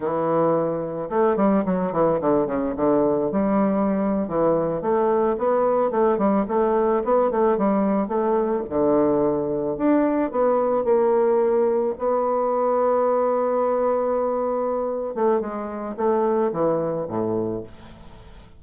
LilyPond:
\new Staff \with { instrumentName = "bassoon" } { \time 4/4 \tempo 4 = 109 e2 a8 g8 fis8 e8 | d8 cis8 d4 g4.~ g16 e16~ | e8. a4 b4 a8 g8 a16~ | a8. b8 a8 g4 a4 d16~ |
d4.~ d16 d'4 b4 ais16~ | ais4.~ ais16 b2~ b16~ | b2.~ b8 a8 | gis4 a4 e4 a,4 | }